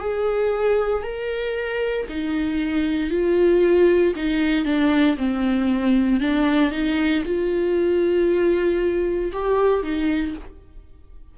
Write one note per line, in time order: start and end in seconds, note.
0.00 1.03 G#4
1.03 2.06 A#4
2.09 3.10 D#4
3.10 4.14 F4
4.16 4.65 D#4
4.65 5.17 D4
5.17 6.20 C4
6.20 6.71 D4
6.71 7.23 D#4
7.25 9.32 F4
9.33 9.83 G4
9.83 10.35 D#4